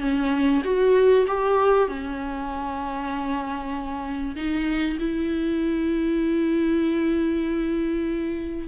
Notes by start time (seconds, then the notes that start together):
0.00 C#4
0.64 F#4
1.27 G4
1.88 C#4
4.36 D#4
4.99 E4